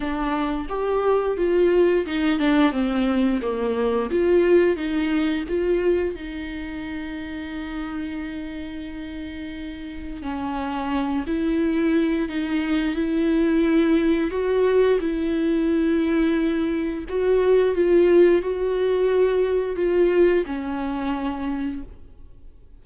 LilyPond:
\new Staff \with { instrumentName = "viola" } { \time 4/4 \tempo 4 = 88 d'4 g'4 f'4 dis'8 d'8 | c'4 ais4 f'4 dis'4 | f'4 dis'2.~ | dis'2. cis'4~ |
cis'8 e'4. dis'4 e'4~ | e'4 fis'4 e'2~ | e'4 fis'4 f'4 fis'4~ | fis'4 f'4 cis'2 | }